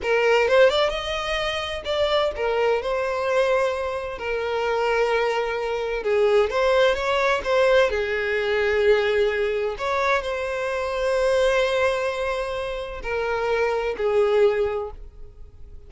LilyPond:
\new Staff \with { instrumentName = "violin" } { \time 4/4 \tempo 4 = 129 ais'4 c''8 d''8 dis''2 | d''4 ais'4 c''2~ | c''4 ais'2.~ | ais'4 gis'4 c''4 cis''4 |
c''4 gis'2.~ | gis'4 cis''4 c''2~ | c''1 | ais'2 gis'2 | }